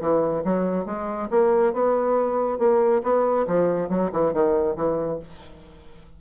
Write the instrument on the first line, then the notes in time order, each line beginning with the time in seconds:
bassoon
0.00 E3
0.44 F#3
0.85 G#3
1.30 A#3
1.73 B3
2.58 A#3
3.03 B3
3.47 F3
3.89 F#3
4.12 E3
4.33 D#3
4.76 E3